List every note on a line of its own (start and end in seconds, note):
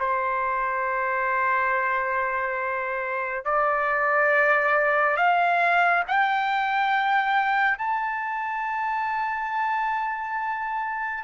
0.00 3.45 C5
3.45 5.17 D5
5.17 6.04 F5
6.08 7.78 G5
7.78 11.24 A5